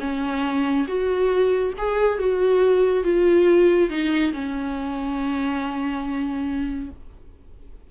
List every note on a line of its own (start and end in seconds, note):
0.00 0.86 C#4
0.87 1.73 F#4
1.77 2.18 G#4
2.18 3.04 F#4
3.04 3.89 F4
3.89 4.32 D#4
4.32 6.90 C#4